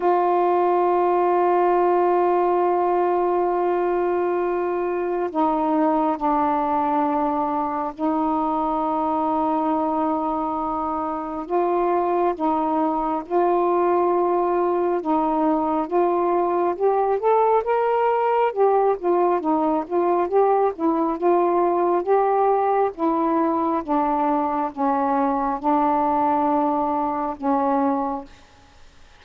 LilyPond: \new Staff \with { instrumentName = "saxophone" } { \time 4/4 \tempo 4 = 68 f'1~ | f'2 dis'4 d'4~ | d'4 dis'2.~ | dis'4 f'4 dis'4 f'4~ |
f'4 dis'4 f'4 g'8 a'8 | ais'4 g'8 f'8 dis'8 f'8 g'8 e'8 | f'4 g'4 e'4 d'4 | cis'4 d'2 cis'4 | }